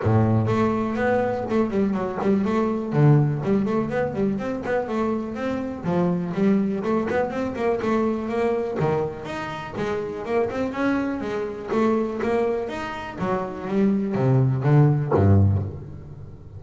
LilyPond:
\new Staff \with { instrumentName = "double bass" } { \time 4/4 \tempo 4 = 123 a,4 a4 b4 a8 g8 | fis8 g8 a4 d4 g8 a8 | b8 g8 c'8 b8 a4 c'4 | f4 g4 a8 b8 c'8 ais8 |
a4 ais4 dis4 dis'4 | gis4 ais8 c'8 cis'4 gis4 | a4 ais4 dis'4 fis4 | g4 c4 d4 g,4 | }